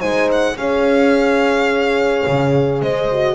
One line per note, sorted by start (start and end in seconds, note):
0.00 0.57 G#3
0.00 0.56 D#4
0.00 0.56 C5
0.00 0.29 G#5
0.32 0.58 F#5
0.57 2.25 C#4
0.57 3.09 G#4
0.57 2.82 C#5
0.57 2.82 F5
2.27 2.82 C#3
2.82 3.35 G#3
2.82 3.35 C5
2.82 3.35 D#5
3.12 3.35 F#4